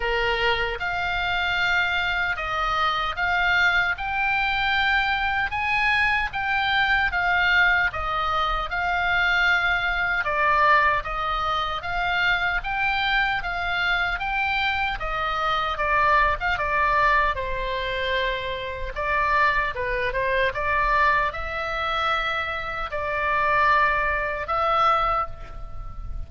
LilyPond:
\new Staff \with { instrumentName = "oboe" } { \time 4/4 \tempo 4 = 76 ais'4 f''2 dis''4 | f''4 g''2 gis''4 | g''4 f''4 dis''4 f''4~ | f''4 d''4 dis''4 f''4 |
g''4 f''4 g''4 dis''4 | d''8. f''16 d''4 c''2 | d''4 b'8 c''8 d''4 e''4~ | e''4 d''2 e''4 | }